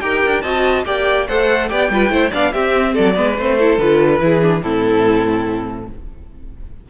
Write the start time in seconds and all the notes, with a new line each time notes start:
0.00 D#4 G4 A#4 G5
0.25 D4
0.41 C4 F#4 D#5 A5
0.85 A#3 G4 D5 G5
1.27 A3 A4 C5 F#5
1.69 B3 G4 D5 G5
1.90 G3 F4 B4
2.09 A3 E4 C5
2.30 B3 D4 D5 F5
2.52 C4 G4 E5
2.93 F#3 A4 D5
3.14 G#3 B3 B4
3.38 A3 C4 C5
3.57 E4 A4
3.78 D3 F4 B4
4.19 E3 E4 G#4
4.41 D4
4.61 A2 C4 E4 A4